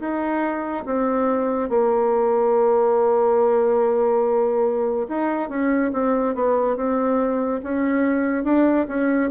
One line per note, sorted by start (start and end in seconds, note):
0.00 0.85 D#4
0.86 1.69 C4
1.69 5.07 A#3
5.08 5.49 D#4
5.49 5.92 C#4
5.93 6.35 C4
6.35 6.76 B3
6.76 7.61 C4
7.63 8.44 C#4
8.44 8.86 D4
8.88 9.30 C#4